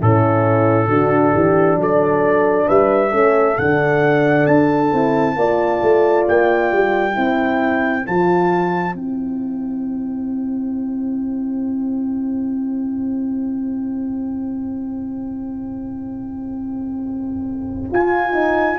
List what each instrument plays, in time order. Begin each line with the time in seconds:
0.00 tuba A2, horn C#4 E4, trumpet A4
0.88 tuba D3, horn D4 F#4
1.33 tuba E3, horn G4
1.75 tuba F#3, horn A4
1.82 trumpet D5
2.67 tuba G3, horn B4, trumpet E5
3.11 tuba A3, horn C#4 A4
3.58 tuba D3, horn D4, trumpet F#5
4.46 tuba D4, trumpet A5
4.92 tuba C4, horn E4
5.36 tuba A#3, horn F4 D5
5.82 tuba A3
6.28 tuba A#3, trumpet G5
6.72 tuba G3
7.13 tuba C4, horn E4 C5
8.06 tuba F3, horn F4, trumpet A5
8.94 tuba C4, horn E4, trumpet G5
17.90 horn F4, tuba F4, trumpet G#5
18.33 horn D#4